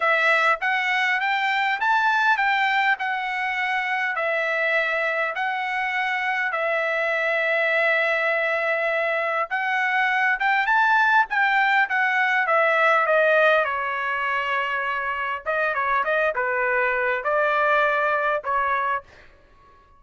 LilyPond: \new Staff \with { instrumentName = "trumpet" } { \time 4/4 \tempo 4 = 101 e''4 fis''4 g''4 a''4 | g''4 fis''2 e''4~ | e''4 fis''2 e''4~ | e''1 |
fis''4. g''8 a''4 g''4 | fis''4 e''4 dis''4 cis''4~ | cis''2 dis''8 cis''8 dis''8 b'8~ | b'4 d''2 cis''4 | }